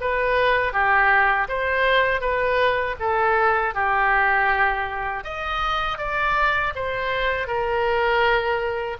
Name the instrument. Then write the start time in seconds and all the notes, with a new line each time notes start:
oboe
0.00 B4
0.72 G4
1.48 C5
2.20 B4
2.99 A4
3.74 G4
5.24 D#5
5.98 D5
6.75 C5
7.47 A#4